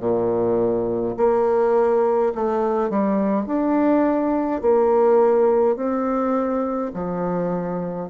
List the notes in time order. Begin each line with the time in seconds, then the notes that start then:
0.00 A#2
1.17 A#3
2.35 A3
2.90 G3
3.47 D4
4.62 A#3
5.76 C4
6.94 F3